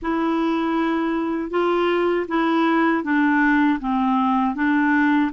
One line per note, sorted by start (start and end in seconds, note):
0.02 1.50 E4
1.50 2.26 F4
2.28 3.03 E4
3.03 3.79 D4
3.80 4.55 C4
4.55 5.31 D4